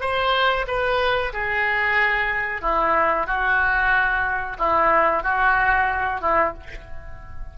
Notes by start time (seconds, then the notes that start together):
0.00 C5
0.67 B4
1.33 G#4
2.61 E4
3.26 F#4
4.58 E4
5.23 F#4
6.20 E4